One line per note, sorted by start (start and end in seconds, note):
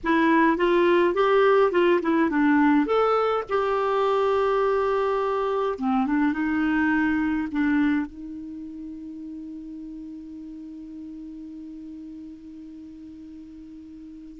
0.03 0.57 E4
0.57 1.14 F4
1.14 1.71 G4
1.71 2.00 F4
2.02 2.30 E4
2.30 2.86 D4
2.86 3.43 A4
3.49 5.78 G4
5.78 6.06 C4
6.06 6.32 D4
6.32 7.48 D#4
7.51 8.05 D4
8.05 14.39 D#4